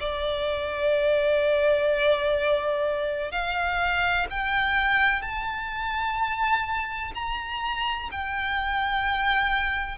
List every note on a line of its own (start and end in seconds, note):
0.00 3.32 D5
3.32 4.27 F5
4.30 5.22 G5
5.22 7.12 A5
7.15 8.10 A#5
8.12 9.98 G5